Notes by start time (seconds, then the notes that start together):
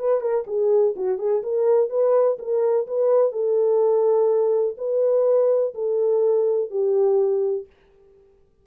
0.00 B4
0.21 A#4
0.47 G#4
0.96 F#4
1.19 G#4
1.43 A#4
1.90 B4
2.39 A#4
2.88 B4
3.32 A4
4.78 B4
5.75 A4
6.71 G4